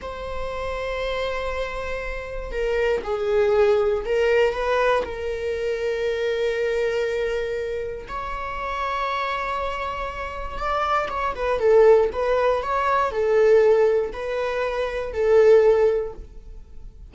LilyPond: \new Staff \with { instrumentName = "viola" } { \time 4/4 \tempo 4 = 119 c''1~ | c''4 ais'4 gis'2 | ais'4 b'4 ais'2~ | ais'1 |
cis''1~ | cis''4 d''4 cis''8 b'8 a'4 | b'4 cis''4 a'2 | b'2 a'2 | }